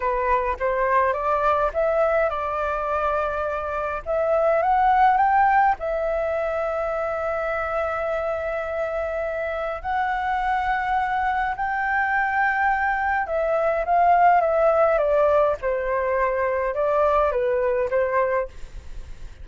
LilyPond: \new Staff \with { instrumentName = "flute" } { \time 4/4 \tempo 4 = 104 b'4 c''4 d''4 e''4 | d''2. e''4 | fis''4 g''4 e''2~ | e''1~ |
e''4 fis''2. | g''2. e''4 | f''4 e''4 d''4 c''4~ | c''4 d''4 b'4 c''4 | }